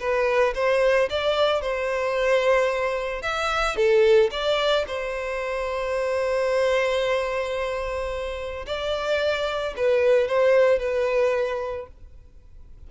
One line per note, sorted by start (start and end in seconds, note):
0.00 0.54 B4
0.55 1.09 C5
1.10 1.61 D5
1.61 3.22 C5
3.22 3.76 E5
3.76 4.30 A4
4.31 4.85 D5
4.88 8.66 C5
8.66 9.74 D5
9.76 10.28 B4
10.28 10.79 C5
10.79 11.87 B4